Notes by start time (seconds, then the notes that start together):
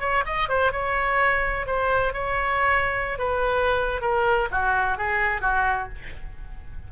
0.00 C#5
0.25 D#5
0.49 C5
0.72 C#5
1.66 C5
2.13 C#5
3.18 B4
4.01 A#4
4.51 F#4
4.98 G#4
5.41 F#4